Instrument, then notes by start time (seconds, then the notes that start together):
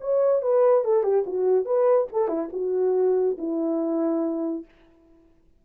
horn
0.00 C#5
0.42 B4
0.84 A4
1.03 G4
1.26 F#4
1.65 B4
2.12 A4
2.28 E4
2.52 F#4
3.37 E4